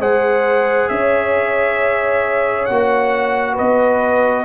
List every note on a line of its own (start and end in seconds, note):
0.00 0.90 G#3
0.00 2.69 G#4
0.00 0.90 C5
0.00 0.89 F#5
0.89 2.70 C#4
0.89 3.54 C#5
0.89 2.66 E5
2.66 3.60 A#3
2.66 4.45 F#4
2.66 3.56 F#5
3.54 4.43 B4
3.54 4.45 D#5
3.61 4.45 B3